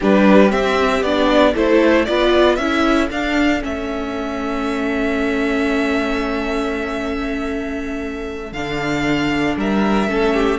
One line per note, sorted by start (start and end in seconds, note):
0.00 0.52 G3
0.00 0.49 D4
0.00 1.53 G4
0.00 0.51 B4
0.49 1.01 C4
0.49 1.02 C4
0.49 1.02 E5
1.02 1.54 B3
1.02 1.54 D4
1.02 1.54 D5
1.53 2.07 A3
1.53 2.06 E4
1.53 2.05 A4
1.53 2.05 C5
2.05 2.57 B3
2.05 2.59 F4
2.05 2.60 B4
2.05 2.55 D5
2.55 3.09 C#4
2.55 3.10 E4
2.55 9.57 A4
2.55 3.07 E5
3.10 3.60 D4
3.10 3.62 D4
3.10 3.62 F5
3.60 8.52 A3
3.60 8.51 C#4
3.60 8.52 E5
8.52 9.55 D3
8.52 10.08 D4
8.52 9.56 F5
9.56 10.08 G3
9.56 10.08 A#4
9.56 10.59 E5
10.08 10.59 A3
10.08 10.59 C#4
10.08 10.34 A4
10.34 10.59 G4